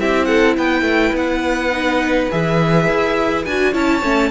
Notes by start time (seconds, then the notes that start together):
0.00 C4 E4 G4 E5
0.25 A4 F#5
0.57 B3 B4 G5
0.82 A3
1.13 B3 F#5
1.72 D#4
2.31 E3 G#4 E5
2.88 E4
3.45 D4 F#4 G#5
3.72 C#4 E4 C#5 A5
4.02 A3 C#4